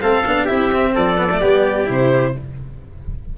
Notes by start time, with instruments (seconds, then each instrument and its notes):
0.00 tuba A3, cello C4, trumpet A4, violin F5
0.25 tuba B3, cello D4
0.44 tuba C4, cello E4, trumpet G4, violin E5
0.72 cello C4
0.94 tuba F3, trumpet A4, violin D5
1.17 cello B3
1.30 cello A3
1.41 tuba G3, cello B3, trumpet G4
1.84 tuba C3, cello E4
1.91 violin C5